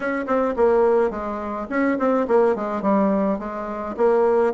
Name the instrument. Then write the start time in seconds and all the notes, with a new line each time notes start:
bassoon
0.00 C#4
0.26 C4
0.56 A#3
1.10 G#3
1.69 C#4
1.98 C4
2.27 A#3
2.55 G#3
2.81 G3
3.38 G#3
3.96 A#3